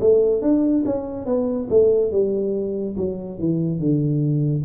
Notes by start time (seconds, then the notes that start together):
0.00 A3
0.41 D4
0.85 C#4
1.26 B3
1.69 A3
2.11 G3
2.97 F#3
3.39 E3
3.79 D3